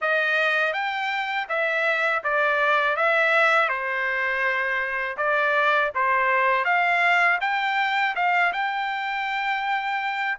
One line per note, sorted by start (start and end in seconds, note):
0.01 0.73 D#5
0.73 1.47 G5
1.48 2.22 E5
2.23 2.96 D5
2.96 3.68 E5
3.68 5.16 C5
5.17 5.91 D5
5.94 6.64 C5
6.64 7.38 F5
7.41 8.15 G5
8.15 8.52 F5
8.53 10.38 G5